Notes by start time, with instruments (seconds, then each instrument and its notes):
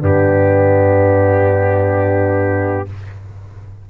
0.00 tuba G2, trombone B3, horn D4, trumpet G4